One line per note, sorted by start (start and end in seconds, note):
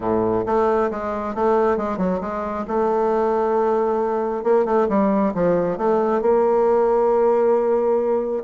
0.00 0.44 A2
0.45 0.90 A3
0.91 1.34 G#3
1.34 1.77 A3
1.77 1.97 G#3
1.97 2.20 F#3
2.20 2.65 G#3
2.67 4.43 A3
4.43 4.65 A#3
4.65 4.87 A3
4.88 5.33 G3
5.34 5.77 F3
5.77 6.21 A3
6.21 8.43 A#3